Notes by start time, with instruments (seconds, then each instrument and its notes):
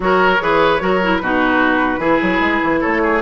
0.00 bassoon F#3, clarinet F#4, oboe A#4, flute C#5
0.40 bassoon E3, clarinet G#4, oboe B4
0.80 bassoon F#3, clarinet F#4, oboe A#4
1.02 clarinet E4
1.18 bassoon B2, clarinet D#4, oboe F#4, flute B4
1.98 bassoon E3, clarinet E4, oboe G#4
2.21 bassoon F#3
2.40 bassoon G#3
2.62 bassoon E3
2.80 bassoon A3, oboe A4, flute C#5
3.02 oboe G#4